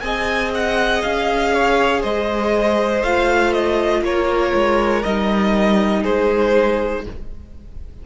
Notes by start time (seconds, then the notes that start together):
0.00 C4 G#4 D#5 G#5
0.54 F#5
1.02 C#4 F5
1.53 C#5
2.00 G#3 C5 D#5
3.02 A3 F4 F5
3.53 D#5
4.03 A#3 A#4 C#5
4.54 G#3
5.03 G3 D#4 D#5
6.02 G#3 G#4 C5